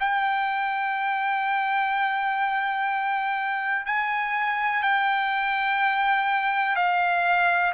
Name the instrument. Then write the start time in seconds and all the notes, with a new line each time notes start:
trumpet
0.00 G5
3.86 G#5
4.83 G5
6.76 F5